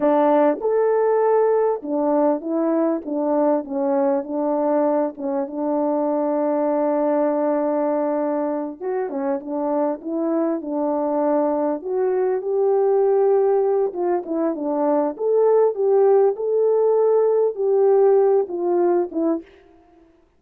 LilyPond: \new Staff \with { instrumentName = "horn" } { \time 4/4 \tempo 4 = 99 d'4 a'2 d'4 | e'4 d'4 cis'4 d'4~ | d'8 cis'8 d'2.~ | d'2~ d'8 fis'8 cis'8 d'8~ |
d'8 e'4 d'2 fis'8~ | fis'8 g'2~ g'8 f'8 e'8 | d'4 a'4 g'4 a'4~ | a'4 g'4. f'4 e'8 | }